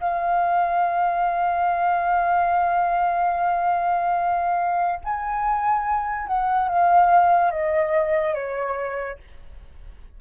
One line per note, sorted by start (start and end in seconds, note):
0.00 5.00 F5
5.04 6.27 G#5
6.27 6.69 F#5
6.69 7.51 F5
7.51 8.34 D#5
8.34 9.18 C#5